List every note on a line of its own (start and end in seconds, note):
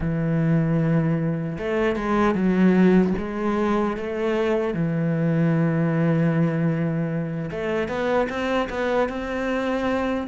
0.00 1.58 E3
1.58 1.96 A3
1.96 2.34 G#3
2.34 3.13 F#3
3.18 3.97 G#3
3.97 4.74 A3
4.74 7.50 E3
7.50 7.88 A3
7.88 8.28 B3
8.29 8.68 C4
8.69 9.08 B3
9.08 10.27 C4